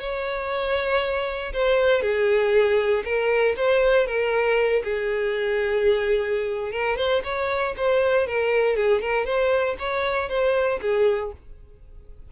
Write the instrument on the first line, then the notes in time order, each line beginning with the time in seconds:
violin
0.00 C#5
1.53 C5
2.02 G#4
3.05 A#4
3.57 C5
4.07 A#4
4.84 G#4
6.72 A#4
6.97 C5
7.24 C#5
7.77 C5
8.27 A#4
8.76 G#4
9.02 A#4
9.26 C5
9.79 C#5
10.29 C5
10.82 G#4